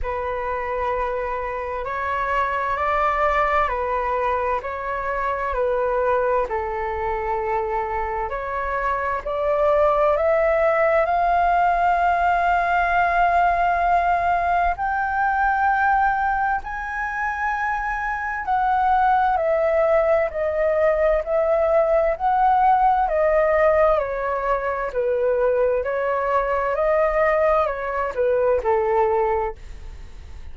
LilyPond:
\new Staff \with { instrumentName = "flute" } { \time 4/4 \tempo 4 = 65 b'2 cis''4 d''4 | b'4 cis''4 b'4 a'4~ | a'4 cis''4 d''4 e''4 | f''1 |
g''2 gis''2 | fis''4 e''4 dis''4 e''4 | fis''4 dis''4 cis''4 b'4 | cis''4 dis''4 cis''8 b'8 a'4 | }